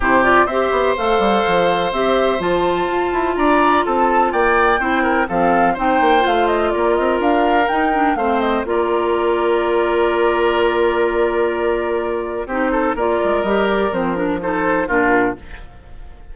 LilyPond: <<
  \new Staff \with { instrumentName = "flute" } { \time 4/4 \tempo 4 = 125 c''8 d''8 e''4 f''2 | e''4 a''2 ais''4 | a''4 g''2 f''4 | g''4 f''8 dis''8 d''8 dis''8 f''4 |
g''4 f''8 dis''8 d''2~ | d''1~ | d''2 c''4 d''4 | dis''8 d''8 c''8 ais'8 c''4 ais'4 | }
  \new Staff \with { instrumentName = "oboe" } { \time 4/4 g'4 c''2.~ | c''2. d''4 | a'4 d''4 c''8 ais'8 a'4 | c''2 ais'2~ |
ais'4 c''4 ais'2~ | ais'1~ | ais'2 g'8 a'8 ais'4~ | ais'2 a'4 f'4 | }
  \new Staff \with { instrumentName = "clarinet" } { \time 4/4 e'8 f'8 g'4 a'2 | g'4 f'2.~ | f'2 e'4 c'4 | dis'4 f'2. |
dis'8 d'8 c'4 f'2~ | f'1~ | f'2 dis'4 f'4 | g'4 c'8 d'8 dis'4 d'4 | }
  \new Staff \with { instrumentName = "bassoon" } { \time 4/4 c4 c'8 b8 a8 g8 f4 | c'4 f4 f'8 e'8 d'4 | c'4 ais4 c'4 f4 | c'8 ais8 a4 ais8 c'8 d'4 |
dis'4 a4 ais2~ | ais1~ | ais2 c'4 ais8 gis8 | g4 f2 ais,4 | }
>>